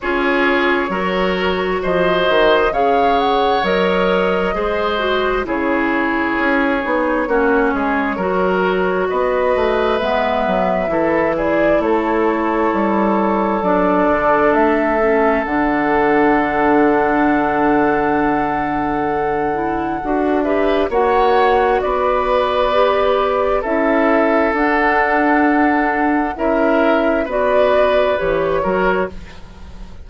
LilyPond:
<<
  \new Staff \with { instrumentName = "flute" } { \time 4/4 \tempo 4 = 66 cis''2 dis''4 f''8 fis''8 | dis''2 cis''2~ | cis''2 dis''4 e''4~ | e''8 d''8 cis''2 d''4 |
e''4 fis''2.~ | fis''2~ fis''8 e''8 fis''4 | d''2 e''4 fis''4~ | fis''4 e''4 d''4 cis''4 | }
  \new Staff \with { instrumentName = "oboe" } { \time 4/4 gis'4 ais'4 c''4 cis''4~ | cis''4 c''4 gis'2 | fis'8 gis'8 ais'4 b'2 | a'8 gis'8 a'2.~ |
a'1~ | a'2~ a'8 b'8 cis''4 | b'2 a'2~ | a'4 ais'4 b'4. ais'8 | }
  \new Staff \with { instrumentName = "clarinet" } { \time 4/4 f'4 fis'2 gis'4 | ais'4 gis'8 fis'8 e'4. dis'8 | cis'4 fis'2 b4 | e'2. d'4~ |
d'8 cis'8 d'2.~ | d'4. e'8 fis'8 g'8 fis'4~ | fis'4 g'4 e'4 d'4~ | d'4 e'4 fis'4 g'8 fis'8 | }
  \new Staff \with { instrumentName = "bassoon" } { \time 4/4 cis'4 fis4 f8 dis8 cis4 | fis4 gis4 cis4 cis'8 b8 | ais8 gis8 fis4 b8 a8 gis8 fis8 | e4 a4 g4 fis8 d8 |
a4 d2.~ | d2 d'4 ais4 | b2 cis'4 d'4~ | d'4 cis'4 b4 e8 fis8 | }
>>